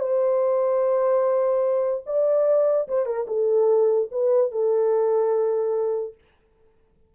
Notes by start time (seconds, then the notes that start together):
0.00 C5
2.06 D5
2.88 C5
3.06 A#4
3.28 A4
4.12 B4
4.52 A4